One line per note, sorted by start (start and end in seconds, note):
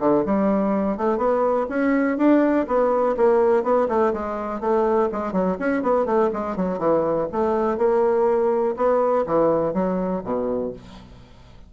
0.00 0.24 D3
0.26 0.98 G3
0.98 1.18 A3
1.18 1.67 B3
1.70 2.18 C#4
2.18 2.67 D4
2.67 3.16 B3
3.17 3.64 A#3
3.64 3.88 B3
3.89 4.13 A3
4.14 4.61 G#3
4.61 5.10 A3
5.12 5.33 G#3
5.33 5.57 F#3
5.60 5.83 C#4
5.83 6.06 B3
6.06 6.31 A3
6.34 6.57 G#3
6.57 6.79 F#3
6.79 7.27 E3
7.32 7.78 A3
7.78 8.76 A#3
8.77 9.26 B3
9.27 9.74 E3
9.74 10.23 F#3
10.24 10.73 B2